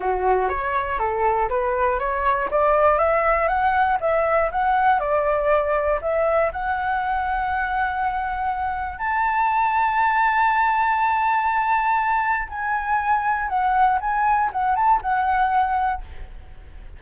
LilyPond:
\new Staff \with { instrumentName = "flute" } { \time 4/4 \tempo 4 = 120 fis'4 cis''4 a'4 b'4 | cis''4 d''4 e''4 fis''4 | e''4 fis''4 d''2 | e''4 fis''2.~ |
fis''2 a''2~ | a''1~ | a''4 gis''2 fis''4 | gis''4 fis''8 a''8 fis''2 | }